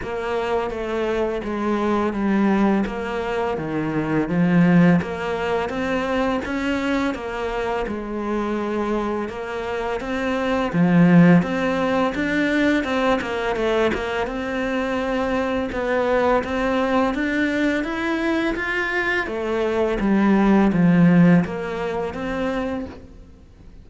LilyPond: \new Staff \with { instrumentName = "cello" } { \time 4/4 \tempo 4 = 84 ais4 a4 gis4 g4 | ais4 dis4 f4 ais4 | c'4 cis'4 ais4 gis4~ | gis4 ais4 c'4 f4 |
c'4 d'4 c'8 ais8 a8 ais8 | c'2 b4 c'4 | d'4 e'4 f'4 a4 | g4 f4 ais4 c'4 | }